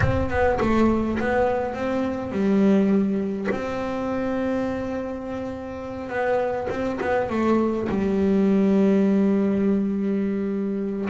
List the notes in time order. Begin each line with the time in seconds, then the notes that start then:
0.00 C4
0.29 B3
0.60 A3
1.19 B3
1.73 C4
2.31 G3
3.51 C4
6.09 B3
6.70 C4
7.00 B3
7.29 A3
7.89 G3